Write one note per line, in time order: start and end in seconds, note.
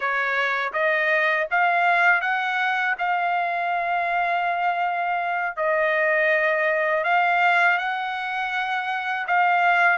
0.00 0.72 C#5
0.72 1.46 D#5
1.50 2.21 F5
2.21 2.95 F#5
2.98 5.56 F5
5.56 7.04 D#5
7.04 7.78 F5
7.78 9.26 F#5
9.27 9.98 F5